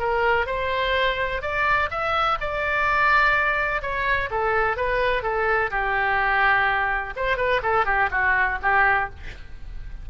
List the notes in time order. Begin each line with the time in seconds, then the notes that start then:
0.00 A#4
0.47 C5
1.42 D5
1.91 E5
2.41 D5
3.82 C#5
4.31 A4
4.77 B4
5.23 A4
5.71 G4
7.16 C5
7.37 B4
7.63 A4
7.86 G4
8.11 F#4
8.63 G4